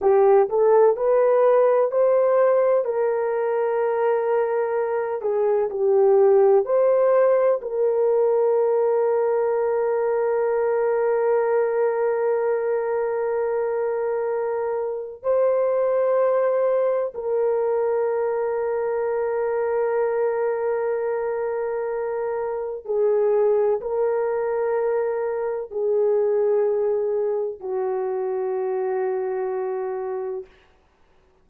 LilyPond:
\new Staff \with { instrumentName = "horn" } { \time 4/4 \tempo 4 = 63 g'8 a'8 b'4 c''4 ais'4~ | ais'4. gis'8 g'4 c''4 | ais'1~ | ais'1 |
c''2 ais'2~ | ais'1 | gis'4 ais'2 gis'4~ | gis'4 fis'2. | }